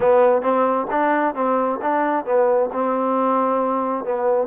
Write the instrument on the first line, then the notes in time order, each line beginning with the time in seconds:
trombone
0.00 B3
0.42 C4
0.90 D4
1.34 C4
1.82 D4
2.25 B3
2.72 C4
4.04 B3